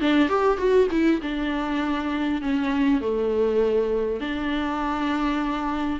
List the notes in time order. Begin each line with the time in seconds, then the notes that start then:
0.00 D4
0.28 G4
0.57 F#4
0.90 E4
1.21 D4
2.41 C#4
3.00 A3
4.20 D4